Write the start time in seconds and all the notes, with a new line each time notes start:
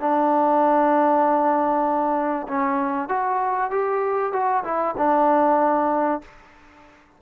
0.00 D4
2.48 C#4
3.09 F#4
3.71 G4
4.33 F#4
4.64 E4
4.98 D4